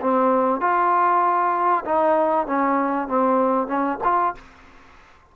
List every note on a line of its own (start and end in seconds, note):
0.00 0.60 C4
0.60 1.84 F4
1.84 2.46 D#4
2.46 3.07 C#4
3.07 3.67 C4
3.67 3.98 C#4
4.03 4.34 F4